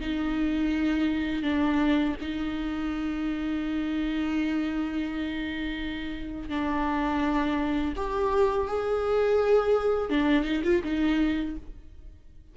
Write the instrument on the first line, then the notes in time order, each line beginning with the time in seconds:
viola
0.00 D#4
1.43 D4
2.21 D#4
6.49 D4
7.96 G4
8.67 G#4
10.10 D4
10.44 D#4
10.64 F4
10.84 D#4